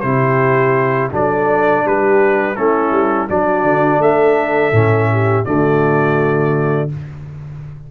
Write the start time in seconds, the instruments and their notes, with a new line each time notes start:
0.00 tuba C3, trombone E4, horn G4, trumpet C5
1.11 tuba F#3, trombone D4, horn A4, trumpet D5
1.85 tuba G3, horn G4, trumpet B4
2.55 tuba A3, trombone C#4, horn E4, trumpet A4
2.91 tuba G3
3.28 tuba F#3, trombone D4, horn F#4, trumpet D5
3.63 tuba D3
3.98 tuba A3, horn A4, trumpet E5
4.72 tuba A2, trombone C#4
5.11 horn G4
5.44 tuba D3, trombone A3, horn F#4, trumpet D5